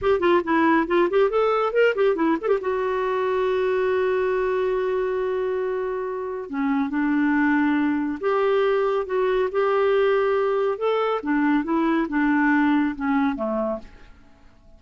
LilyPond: \new Staff \with { instrumentName = "clarinet" } { \time 4/4 \tempo 4 = 139 g'8 f'8 e'4 f'8 g'8 a'4 | ais'8 g'8 e'8 a'16 g'16 fis'2~ | fis'1~ | fis'2. cis'4 |
d'2. g'4~ | g'4 fis'4 g'2~ | g'4 a'4 d'4 e'4 | d'2 cis'4 a4 | }